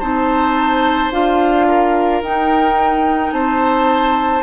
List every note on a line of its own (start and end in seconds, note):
0.00 1.13 C4
0.00 1.12 D#4
0.00 1.67 C5
0.00 1.12 A5
1.12 2.22 D4
1.12 2.23 F4
1.12 2.23 F5
1.68 3.34 A#4
2.22 3.33 D#4
2.22 4.44 D#4
2.22 3.33 G5
3.33 4.44 C4
3.33 4.44 C5
3.33 4.44 A5